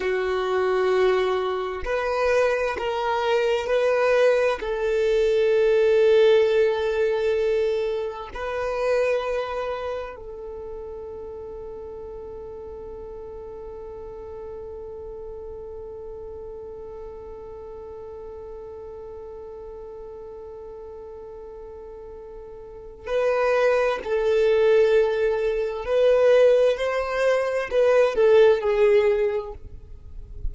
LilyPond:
\new Staff \with { instrumentName = "violin" } { \time 4/4 \tempo 4 = 65 fis'2 b'4 ais'4 | b'4 a'2.~ | a'4 b'2 a'4~ | a'1~ |
a'1~ | a'1~ | a'4 b'4 a'2 | b'4 c''4 b'8 a'8 gis'4 | }